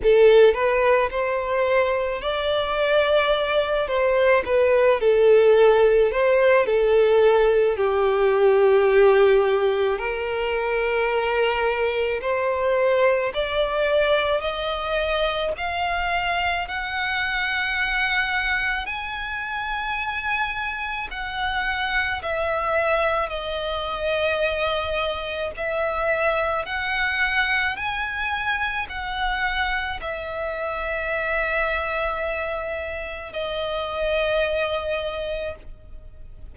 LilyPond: \new Staff \with { instrumentName = "violin" } { \time 4/4 \tempo 4 = 54 a'8 b'8 c''4 d''4. c''8 | b'8 a'4 c''8 a'4 g'4~ | g'4 ais'2 c''4 | d''4 dis''4 f''4 fis''4~ |
fis''4 gis''2 fis''4 | e''4 dis''2 e''4 | fis''4 gis''4 fis''4 e''4~ | e''2 dis''2 | }